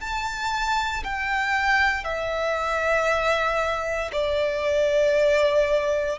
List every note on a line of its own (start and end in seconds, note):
0.00 1.03 A5
1.04 2.04 G5
2.04 4.11 E5
4.12 6.19 D5